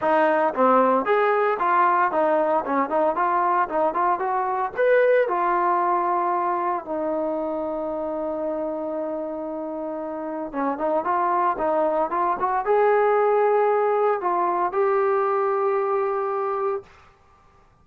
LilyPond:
\new Staff \with { instrumentName = "trombone" } { \time 4/4 \tempo 4 = 114 dis'4 c'4 gis'4 f'4 | dis'4 cis'8 dis'8 f'4 dis'8 f'8 | fis'4 b'4 f'2~ | f'4 dis'2.~ |
dis'1 | cis'8 dis'8 f'4 dis'4 f'8 fis'8 | gis'2. f'4 | g'1 | }